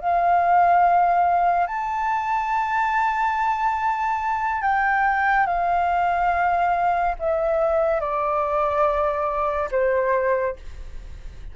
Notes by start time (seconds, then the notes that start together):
0.00 F5
1.67 A5
4.62 G5
5.46 F5
7.19 E5
8.00 D5
9.71 C5